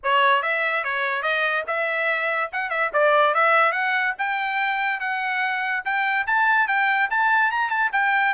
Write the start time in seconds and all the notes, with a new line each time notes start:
0.03 C#5
0.42 E5
0.84 C#5
1.22 D#5
1.67 E5
2.52 F#5
2.70 E5
2.93 D5
3.34 E5
3.72 F#5
4.18 G5
4.99 F#5
5.84 G5
6.26 A5
6.67 G5
7.10 A5
7.51 A#5
7.69 A5
7.92 G5